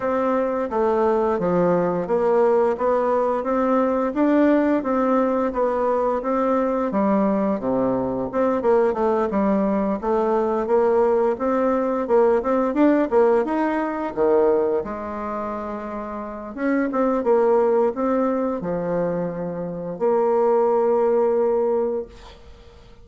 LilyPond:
\new Staff \with { instrumentName = "bassoon" } { \time 4/4 \tempo 4 = 87 c'4 a4 f4 ais4 | b4 c'4 d'4 c'4 | b4 c'4 g4 c4 | c'8 ais8 a8 g4 a4 ais8~ |
ais8 c'4 ais8 c'8 d'8 ais8 dis'8~ | dis'8 dis4 gis2~ gis8 | cis'8 c'8 ais4 c'4 f4~ | f4 ais2. | }